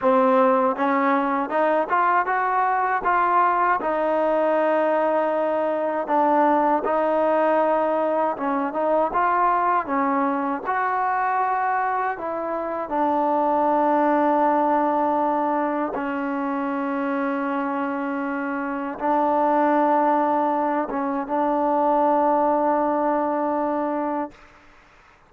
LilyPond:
\new Staff \with { instrumentName = "trombone" } { \time 4/4 \tempo 4 = 79 c'4 cis'4 dis'8 f'8 fis'4 | f'4 dis'2. | d'4 dis'2 cis'8 dis'8 | f'4 cis'4 fis'2 |
e'4 d'2.~ | d'4 cis'2.~ | cis'4 d'2~ d'8 cis'8 | d'1 | }